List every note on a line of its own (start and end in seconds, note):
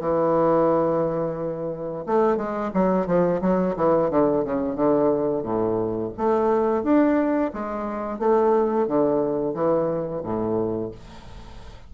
0.00 2.05 E3
2.06 2.37 A3
2.37 2.71 G#3
2.74 3.07 F#3
3.07 3.41 F3
3.41 3.75 F#3
3.76 4.10 E3
4.10 4.44 D3
4.45 4.76 C#3
4.76 5.43 D3
5.43 6.11 A2
6.17 6.83 A3
6.83 7.52 D4
7.53 8.19 G#3
8.19 8.87 A3
8.87 9.54 D3
9.54 10.22 E3
10.23 10.92 A2